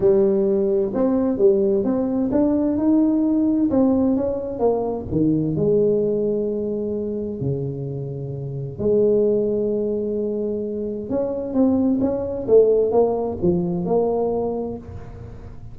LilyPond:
\new Staff \with { instrumentName = "tuba" } { \time 4/4 \tempo 4 = 130 g2 c'4 g4 | c'4 d'4 dis'2 | c'4 cis'4 ais4 dis4 | gis1 |
cis2. gis4~ | gis1 | cis'4 c'4 cis'4 a4 | ais4 f4 ais2 | }